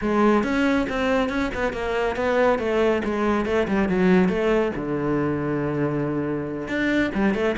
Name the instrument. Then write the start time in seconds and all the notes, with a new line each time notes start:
cello
0.01 G#3
0.43 C#4
0.89 C4
1.29 C#4
1.54 B3
1.73 A#3
2.16 B3
2.58 A3
3.04 G#3
3.45 A3
3.67 G3
3.88 F#3
4.29 A3
4.75 D3
6.67 D4
7.14 G3
7.34 A3